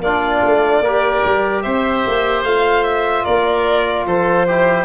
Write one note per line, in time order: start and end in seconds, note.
0.00 0.41 A#3
0.00 0.84 D4
0.00 0.84 F4
0.00 1.62 D5
0.43 0.80 A3
0.80 1.21 A#3
0.80 2.46 G4
0.80 1.63 A#4
1.25 1.65 G3
1.62 2.06 C4
1.62 3.24 C5
1.62 2.43 E5
2.06 2.44 A#3
2.44 3.25 A3
2.44 4.48 F4
2.44 2.84 F5
2.84 3.24 E5
3.24 4.06 A#3
3.24 4.05 A#4
3.24 4.06 D5
4.06 4.84 F3
4.06 4.47 A4
4.06 4.84 C5
4.47 4.84 E4
4.47 4.84 G4